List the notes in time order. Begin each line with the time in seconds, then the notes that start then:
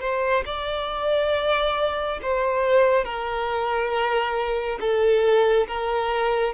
0.00 C5
0.45 D5
2.22 C5
3.04 A#4
4.80 A4
5.67 A#4